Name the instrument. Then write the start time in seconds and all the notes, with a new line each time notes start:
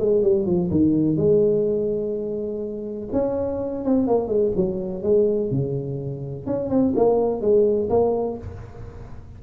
tuba
0.00 G#3
0.23 G3
0.46 F3
0.71 D#3
1.17 G#3
3.13 C#4
3.85 C4
4.08 A#3
4.29 G#3
4.57 F#3
5.03 G#3
5.51 C#3
6.47 C#4
6.70 C4
6.96 A#3
7.42 G#3
7.90 A#3